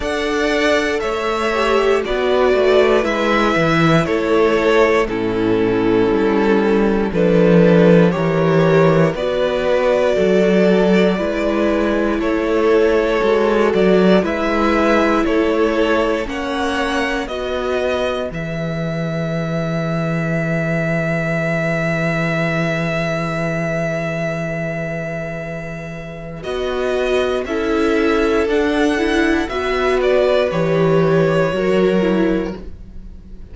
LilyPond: <<
  \new Staff \with { instrumentName = "violin" } { \time 4/4 \tempo 4 = 59 fis''4 e''4 d''4 e''4 | cis''4 a'2 b'4 | cis''4 d''2. | cis''4. d''8 e''4 cis''4 |
fis''4 dis''4 e''2~ | e''1~ | e''2 dis''4 e''4 | fis''4 e''8 d''8 cis''2 | }
  \new Staff \with { instrumentName = "violin" } { \time 4/4 d''4 cis''4 b'2 | a'4 e'2 a'4 | ais'4 b'4 a'4 b'4 | a'2 b'4 a'4 |
cis''4 b'2.~ | b'1~ | b'2. a'4~ | a'4 b'2 ais'4 | }
  \new Staff \with { instrumentName = "viola" } { \time 4/4 a'4. g'8 fis'4 e'4~ | e'4 cis'2 d'4 | g'4 fis'2 e'4~ | e'4 fis'4 e'2 |
cis'4 fis'4 gis'2~ | gis'1~ | gis'2 fis'4 e'4 | d'8 e'8 fis'4 g'4 fis'8 e'8 | }
  \new Staff \with { instrumentName = "cello" } { \time 4/4 d'4 a4 b8 a8 gis8 e8 | a4 a,4 g4 f4 | e4 b4 fis4 gis4 | a4 gis8 fis8 gis4 a4 |
ais4 b4 e2~ | e1~ | e2 b4 cis'4 | d'4 b4 e4 fis4 | }
>>